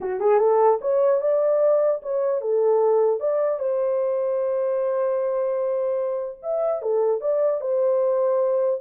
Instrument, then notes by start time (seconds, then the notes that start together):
horn
0.00 F#4
0.20 G#4
0.39 A4
0.81 C#5
1.21 D5
2.02 C#5
2.41 A4
3.19 D5
3.59 C5
6.42 E5
6.82 A4
7.21 D5
7.60 C5